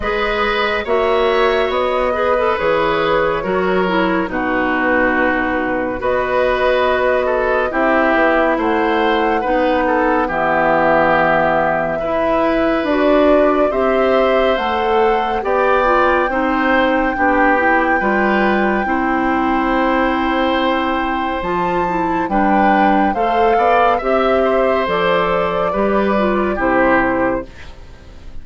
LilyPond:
<<
  \new Staff \with { instrumentName = "flute" } { \time 4/4 \tempo 4 = 70 dis''4 e''4 dis''4 cis''4~ | cis''4 b'2 dis''4~ | dis''4 e''4 fis''2 | e''2. d''4 |
e''4 fis''4 g''2~ | g''1~ | g''4 a''4 g''4 f''4 | e''4 d''2 c''4 | }
  \new Staff \with { instrumentName = "oboe" } { \time 4/4 b'4 cis''4. b'4. | ais'4 fis'2 b'4~ | b'8 a'8 g'4 c''4 b'8 a'8 | g'2 b'2 |
c''2 d''4 c''4 | g'4 b'4 c''2~ | c''2 b'4 c''8 d''8 | e''8 c''4. b'4 g'4 | }
  \new Staff \with { instrumentName = "clarinet" } { \time 4/4 gis'4 fis'4. gis'16 a'16 gis'4 | fis'8 e'8 dis'2 fis'4~ | fis'4 e'2 dis'4 | b2 e'4 fis'4 |
g'4 a'4 g'8 f'8 dis'4 | d'8 e'8 f'4 e'2~ | e'4 f'8 e'8 d'4 a'4 | g'4 a'4 g'8 f'8 e'4 | }
  \new Staff \with { instrumentName = "bassoon" } { \time 4/4 gis4 ais4 b4 e4 | fis4 b,2 b4~ | b4 c'8 b8 a4 b4 | e2 e'4 d'4 |
c'4 a4 b4 c'4 | b4 g4 c'2~ | c'4 f4 g4 a8 b8 | c'4 f4 g4 c4 | }
>>